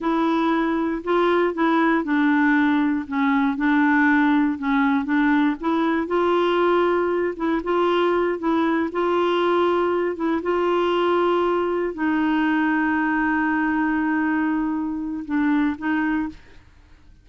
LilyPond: \new Staff \with { instrumentName = "clarinet" } { \time 4/4 \tempo 4 = 118 e'2 f'4 e'4 | d'2 cis'4 d'4~ | d'4 cis'4 d'4 e'4 | f'2~ f'8 e'8 f'4~ |
f'8 e'4 f'2~ f'8 | e'8 f'2. dis'8~ | dis'1~ | dis'2 d'4 dis'4 | }